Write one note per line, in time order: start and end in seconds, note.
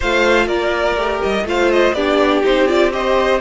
0.00 0.46 A3
0.00 0.96 F4
0.00 0.46 C5
0.00 0.47 F5
0.46 0.95 A#3
0.46 1.44 A#4
0.46 1.21 D5
0.95 1.20 A3
0.95 1.45 G4
1.22 1.43 G3
1.22 1.46 D#5
1.43 1.92 A3
1.43 1.95 F4
1.43 1.95 C5
1.43 1.71 F5
1.71 1.93 D#5
1.93 2.42 B3
1.93 2.43 D4
1.93 2.93 G4
1.93 2.42 D5
2.43 3.41 C4
2.43 2.67 D#4
2.43 2.67 C5
2.67 2.90 F4
2.67 2.91 D5
2.90 3.39 G4
2.90 3.41 C5
2.90 3.41 D#5